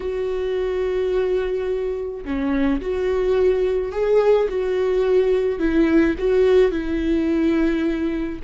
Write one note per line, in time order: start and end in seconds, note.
0.00 2.24 F#4
2.24 2.80 C#4
2.81 3.92 F#4
3.92 4.48 G#4
4.49 5.59 F#4
5.59 6.15 E4
6.18 6.71 F#4
6.71 8.39 E4